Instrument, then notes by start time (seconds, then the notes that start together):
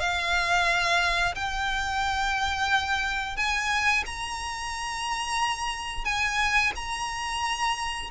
violin
0.00 F5
1.35 G5
3.37 G#5
4.06 A#5
6.05 G#5
6.76 A#5